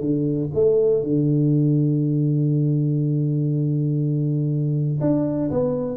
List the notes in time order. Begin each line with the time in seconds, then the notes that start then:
0.00 D3
0.54 A3
1.03 D3
5.00 D4
5.50 B3